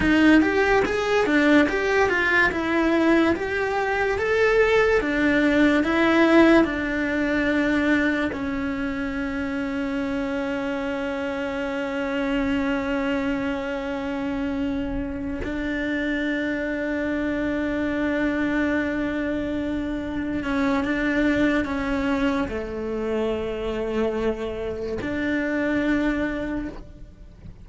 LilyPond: \new Staff \with { instrumentName = "cello" } { \time 4/4 \tempo 4 = 72 dis'8 g'8 gis'8 d'8 g'8 f'8 e'4 | g'4 a'4 d'4 e'4 | d'2 cis'2~ | cis'1~ |
cis'2~ cis'8 d'4.~ | d'1~ | d'8 cis'8 d'4 cis'4 a4~ | a2 d'2 | }